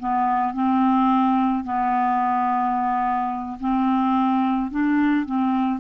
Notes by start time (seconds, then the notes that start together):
0.00 B3
0.54 C4
1.64 B3
3.60 C4
4.71 D4
5.26 C4